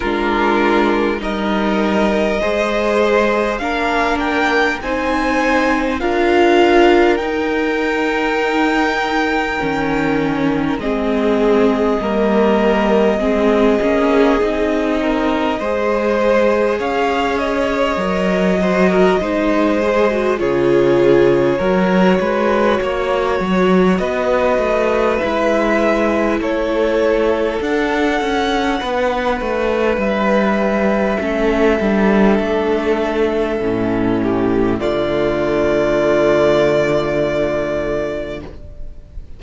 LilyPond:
<<
  \new Staff \with { instrumentName = "violin" } { \time 4/4 \tempo 4 = 50 ais'4 dis''2 f''8 g''8 | gis''4 f''4 g''2~ | g''4 dis''2.~ | dis''2 f''8 dis''4.~ |
dis''4 cis''2. | dis''4 e''4 cis''4 fis''4~ | fis''4 e''2.~ | e''4 d''2. | }
  \new Staff \with { instrumentName = "violin" } { \time 4/4 f'4 ais'4 c''4 ais'4 | c''4 ais'2.~ | ais'4 gis'4 ais'4 gis'4~ | gis'8 ais'8 c''4 cis''4. c''16 ais'16 |
c''4 gis'4 ais'8 b'8 cis''4 | b'2 a'2 | b'2 a'2~ | a'8 g'8 f'2. | }
  \new Staff \with { instrumentName = "viola" } { \time 4/4 d'4 dis'4 gis'4 d'4 | dis'4 f'4 dis'2 | cis'4 c'4 ais4 c'8 cis'8 | dis'4 gis'2 ais'8 fis'8 |
dis'8 gis'16 fis'16 f'4 fis'2~ | fis'4 e'2 d'4~ | d'2 cis'8 d'4. | cis'4 a2. | }
  \new Staff \with { instrumentName = "cello" } { \time 4/4 gis4 g4 gis4 ais4 | c'4 d'4 dis'2 | dis4 gis4 g4 gis8 ais8 | c'4 gis4 cis'4 fis4 |
gis4 cis4 fis8 gis8 ais8 fis8 | b8 a8 gis4 a4 d'8 cis'8 | b8 a8 g4 a8 g8 a4 | a,4 d2. | }
>>